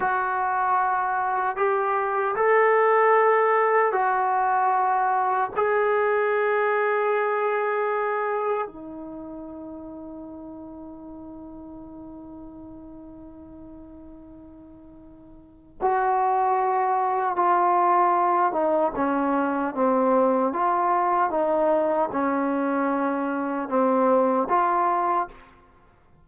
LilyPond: \new Staff \with { instrumentName = "trombone" } { \time 4/4 \tempo 4 = 76 fis'2 g'4 a'4~ | a'4 fis'2 gis'4~ | gis'2. dis'4~ | dis'1~ |
dis'1 | fis'2 f'4. dis'8 | cis'4 c'4 f'4 dis'4 | cis'2 c'4 f'4 | }